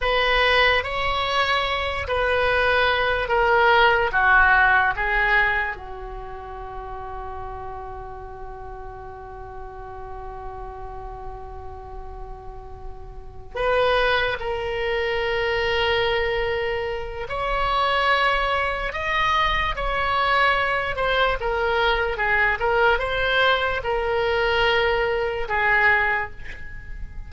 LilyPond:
\new Staff \with { instrumentName = "oboe" } { \time 4/4 \tempo 4 = 73 b'4 cis''4. b'4. | ais'4 fis'4 gis'4 fis'4~ | fis'1~ | fis'1~ |
fis'8 b'4 ais'2~ ais'8~ | ais'4 cis''2 dis''4 | cis''4. c''8 ais'4 gis'8 ais'8 | c''4 ais'2 gis'4 | }